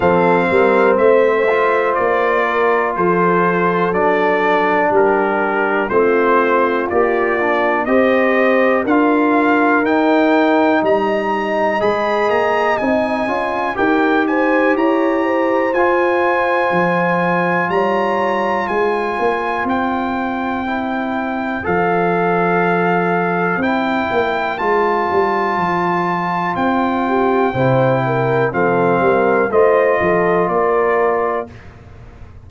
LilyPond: <<
  \new Staff \with { instrumentName = "trumpet" } { \time 4/4 \tempo 4 = 61 f''4 e''4 d''4 c''4 | d''4 ais'4 c''4 d''4 | dis''4 f''4 g''4 ais''4 | b''8 ais''8 gis''4 g''8 gis''8 ais''4 |
gis''2 ais''4 gis''4 | g''2 f''2 | g''4 a''2 g''4~ | g''4 f''4 dis''4 d''4 | }
  \new Staff \with { instrumentName = "horn" } { \time 4/4 a'8 ais'8 c''4. ais'8 a'4~ | a'4 g'4 f'2 | c''4 ais'2 dis''4~ | dis''2 ais'8 c''8 cis''8 c''8~ |
c''2 cis''4 c''4~ | c''1~ | c''2.~ c''8 g'8 | c''8 ais'8 a'8 ais'8 c''8 a'8 ais'4 | }
  \new Staff \with { instrumentName = "trombone" } { \time 4/4 c'4. f'2~ f'8 | d'2 c'4 g'8 d'8 | g'4 f'4 dis'2 | gis'4 dis'8 f'8 g'2 |
f'1~ | f'4 e'4 a'2 | e'4 f'2. | e'4 c'4 f'2 | }
  \new Staff \with { instrumentName = "tuba" } { \time 4/4 f8 g8 a4 ais4 f4 | fis4 g4 a4 ais4 | c'4 d'4 dis'4 g4 | gis8 ais8 c'8 cis'8 dis'4 e'4 |
f'4 f4 g4 gis8 ais8 | c'2 f2 | c'8 ais8 gis8 g8 f4 c'4 | c4 f8 g8 a8 f8 ais4 | }
>>